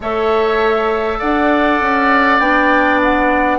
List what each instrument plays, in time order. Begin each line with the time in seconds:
0.00 bassoon A3, clarinet A4, oboe C#5, flute E5
1.18 bassoon D4, oboe D5, flute F#5
1.81 bassoon C#4
2.39 bassoon B3, clarinet D4, flute G5
3.02 flute F#5